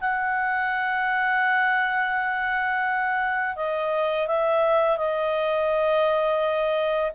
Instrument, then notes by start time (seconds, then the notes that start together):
clarinet
0.00 F#5
3.56 D#5
4.27 E5
4.97 D#5